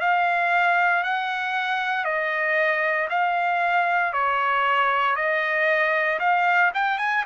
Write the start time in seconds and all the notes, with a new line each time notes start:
0.00 F5
1.03 F#5
2.04 D#5
3.09 F5
4.13 C#5
5.15 D#5
6.19 F5
6.74 G5
6.98 G#5